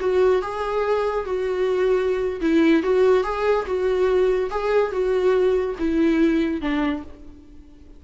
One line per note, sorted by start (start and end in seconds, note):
0.00 0.42 F#4
0.42 1.25 G#4
1.25 2.40 F#4
2.41 2.82 E4
2.82 3.24 F#4
3.24 3.66 G#4
3.66 4.50 F#4
4.50 4.92 G#4
4.92 5.76 F#4
5.79 6.61 E4
6.61 7.03 D4